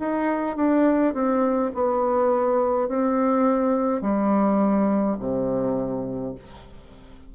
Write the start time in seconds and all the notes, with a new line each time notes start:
0.00 D#4
0.57 D4
1.14 C4
1.75 B3
2.88 C4
4.02 G3
5.20 C3